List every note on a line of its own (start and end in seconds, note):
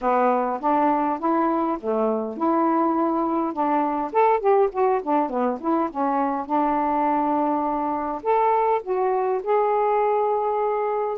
0.01 0.59 B3
0.60 1.19 D4
1.19 1.78 E4
1.79 2.37 A3
2.37 3.53 E4
3.53 4.11 D4
4.12 4.40 A4
4.40 4.69 G4
4.72 5.01 F#4
5.03 5.29 D4
5.29 5.59 B3
5.60 5.89 E4
5.90 6.45 C#4
6.45 8.22 D4
8.22 8.81 A4
8.82 9.41 F#4
9.43 11.17 G#4